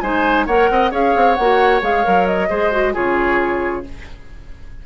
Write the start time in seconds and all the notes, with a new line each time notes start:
0.00 G#3 D#4 C5 G#5
0.46 A#3 A#4 C#5 F#5
0.70 C4 D#5
0.91 C#4 G#4 C#5 F5
1.16 C4
1.35 A#3 F#4 F#5
1.82 G#3 G#4 F5
2.03 F#3 A#4
2.27 D#5
2.49 G#3 G#4 C5
2.72 F#4
2.93 C#3 F4 G#4 C#5